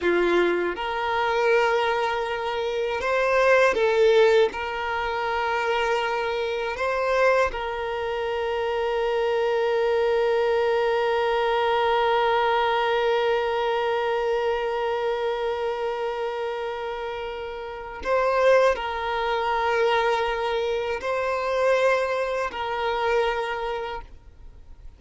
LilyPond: \new Staff \with { instrumentName = "violin" } { \time 4/4 \tempo 4 = 80 f'4 ais'2. | c''4 a'4 ais'2~ | ais'4 c''4 ais'2~ | ais'1~ |
ais'1~ | ais'1 | c''4 ais'2. | c''2 ais'2 | }